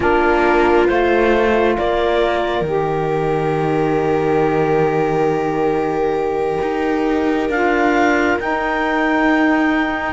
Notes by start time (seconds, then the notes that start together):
0.00 A#3 D4 F4 A#4
0.86 A3 F4 C5
1.77 A#3 A#4 D5
2.61 D#3 G4 D#5
6.62 D#4
7.49 D4 F4 F5
8.39 D#4 G5